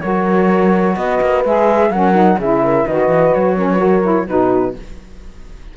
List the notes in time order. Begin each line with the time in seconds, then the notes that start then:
0.00 F#3 F#4 A#4 C#5
0.95 B3 B4 D#5
1.21 A#3
1.44 G#3 G#4 E5
1.89 F#3 C#4 A#4 F#5
2.14 D#4
2.38 C#3 E4 G#4 E5
2.63 A#4
2.86 D#3 F#4 B4 D#5
3.08 E3
3.33 F#3 C#5
3.56 C#4 A#4
3.72 F#4 B4
3.80 A#4
4.02 E4
4.27 B2 D#4 F#4 B4